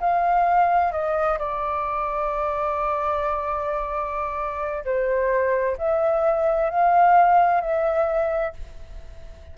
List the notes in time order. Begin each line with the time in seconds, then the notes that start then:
0.00 F5
0.92 D#5
1.38 D5
4.85 C5
5.78 E5
6.70 F5
7.61 E5